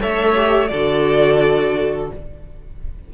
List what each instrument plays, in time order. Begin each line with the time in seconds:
0.00 cello A3, viola A4, violin C#5 E5
0.35 viola G4
0.67 cello D3, violin A4 D5
0.74 viola F#4